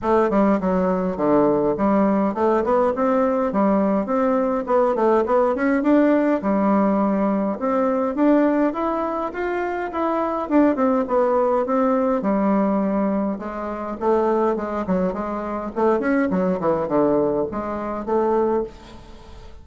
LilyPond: \new Staff \with { instrumentName = "bassoon" } { \time 4/4 \tempo 4 = 103 a8 g8 fis4 d4 g4 | a8 b8 c'4 g4 c'4 | b8 a8 b8 cis'8 d'4 g4~ | g4 c'4 d'4 e'4 |
f'4 e'4 d'8 c'8 b4 | c'4 g2 gis4 | a4 gis8 fis8 gis4 a8 cis'8 | fis8 e8 d4 gis4 a4 | }